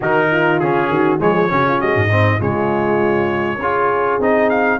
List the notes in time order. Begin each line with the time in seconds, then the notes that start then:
0.00 D#3 D#4 F#4 A#4
0.30 F4
0.59 C#3 C#4 G#4
0.89 D#3 F#4
1.18 F3 G#3 G#4 C#5
1.48 C#3 C#4 F#4
1.68 F4
1.79 G#3 F#4 D#5
1.95 G#2
2.06 C4 D#4
2.39 C#3 G#3 F4 C#5
3.58 C#4 F4 G#4
4.19 C4 D#4 D#5
4.49 F5